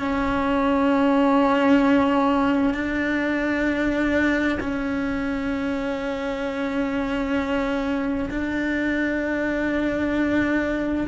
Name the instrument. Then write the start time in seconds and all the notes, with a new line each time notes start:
cello
0.00 C#4
2.74 D4
4.61 C#4
8.30 D4